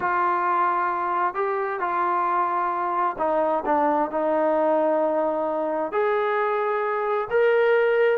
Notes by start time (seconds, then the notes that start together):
0.00 F4
1.34 G4
1.80 F4
3.18 D#4
3.65 D4
4.10 D#4
5.92 G#4
7.30 A#4